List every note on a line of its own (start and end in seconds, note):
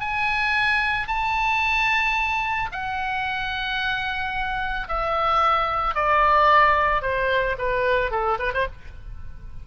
0.00 1.07 G#5
1.07 2.69 A5
2.71 4.88 F#5
4.88 5.95 E5
5.95 7.02 D5
7.02 7.56 C5
7.58 8.11 B4
8.11 8.38 A4
8.39 8.52 B4
8.53 8.67 C5